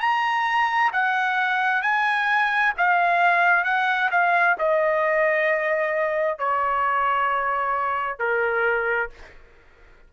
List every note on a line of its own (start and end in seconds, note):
0.00 0.91 A#5
0.92 1.82 F#5
1.82 2.73 G#5
2.77 3.64 F5
3.64 4.10 F#5
4.11 4.56 F5
4.59 6.38 D#5
6.38 8.19 C#5
8.19 9.10 A#4